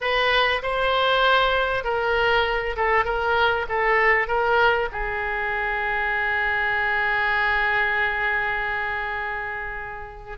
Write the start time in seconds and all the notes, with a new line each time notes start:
0.01 B4
0.62 C5
1.84 A#4
2.76 A4
3.04 A#4
3.68 A4
4.27 A#4
4.91 G#4